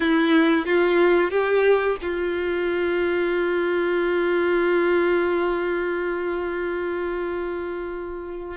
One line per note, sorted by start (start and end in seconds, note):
0.00 0.66 E4
0.66 1.30 F4
1.30 1.96 G4
2.02 8.57 F4